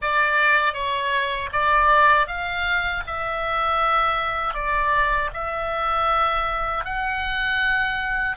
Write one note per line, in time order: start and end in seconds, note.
0.01 0.73 D5
0.73 1.49 C#5
1.52 2.27 D5
2.27 3.03 F5
3.07 4.54 E5
4.54 5.30 D5
5.33 6.85 E5
6.85 8.36 F#5